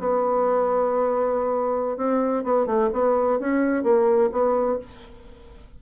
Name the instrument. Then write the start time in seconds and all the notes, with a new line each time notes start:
bassoon
0.00 B3
1.97 C4
2.44 B3
2.67 A3
2.93 B3
3.40 C#4
3.84 A#3
4.32 B3